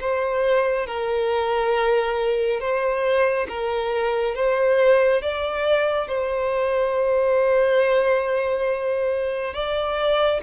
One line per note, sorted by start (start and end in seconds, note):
0.00 0.87 C5
0.87 2.60 A#4
2.60 3.47 C5
3.49 4.35 A#4
4.35 5.22 C5
5.22 6.08 D5
6.08 9.54 C5
9.54 10.41 D5